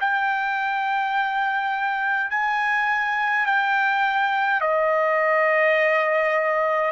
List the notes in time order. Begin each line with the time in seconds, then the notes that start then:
0.00 G5
2.30 G#5
3.46 G5
4.60 D#5